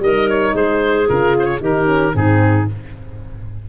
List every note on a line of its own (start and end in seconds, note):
0.00 0.53 G3
0.00 1.08 D#4
0.00 0.55 A#4
0.00 0.30 D#5
0.30 0.56 C#5
0.55 1.08 G#3
0.55 1.61 G#4
0.55 1.09 C5
1.08 1.61 C#3
1.08 1.61 F4
1.08 1.36 A#4
1.40 1.46 C5
1.40 1.59 C#5
1.61 2.14 D#3
1.61 1.85 D#4
1.61 2.14 G4
1.61 2.17 A#4
1.85 2.12 C#4
2.13 2.68 G#2
2.13 2.66 C4
2.13 2.68 D#4
2.13 2.70 G#4